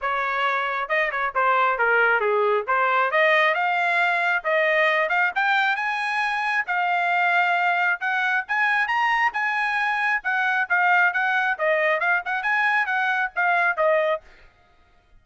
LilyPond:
\new Staff \with { instrumentName = "trumpet" } { \time 4/4 \tempo 4 = 135 cis''2 dis''8 cis''8 c''4 | ais'4 gis'4 c''4 dis''4 | f''2 dis''4. f''8 | g''4 gis''2 f''4~ |
f''2 fis''4 gis''4 | ais''4 gis''2 fis''4 | f''4 fis''4 dis''4 f''8 fis''8 | gis''4 fis''4 f''4 dis''4 | }